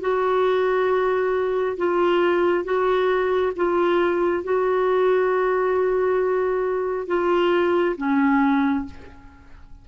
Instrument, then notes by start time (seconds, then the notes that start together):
clarinet
0.00 F#4
1.77 F4
2.64 F#4
3.55 F4
4.43 F#4
7.07 F4
7.97 C#4